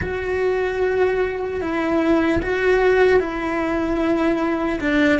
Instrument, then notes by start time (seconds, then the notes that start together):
cello
0.01 F#4
1.61 E4
2.42 F#4
3.19 E4
4.80 D4